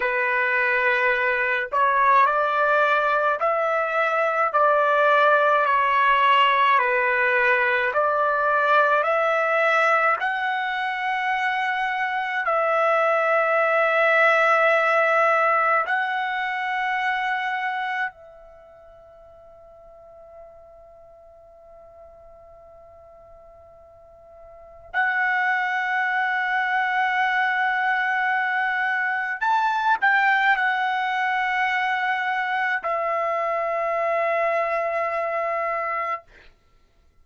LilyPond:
\new Staff \with { instrumentName = "trumpet" } { \time 4/4 \tempo 4 = 53 b'4. cis''8 d''4 e''4 | d''4 cis''4 b'4 d''4 | e''4 fis''2 e''4~ | e''2 fis''2 |
e''1~ | e''2 fis''2~ | fis''2 a''8 g''8 fis''4~ | fis''4 e''2. | }